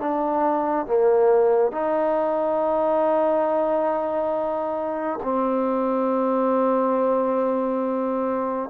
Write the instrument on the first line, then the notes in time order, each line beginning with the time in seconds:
trombone
0.00 D4
0.87 A#3
1.72 D#4
5.23 C4